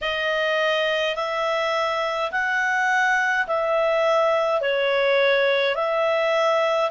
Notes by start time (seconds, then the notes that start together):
0.01 D#5
1.15 E5
2.31 F#5
3.47 E5
4.61 C#5
5.75 E5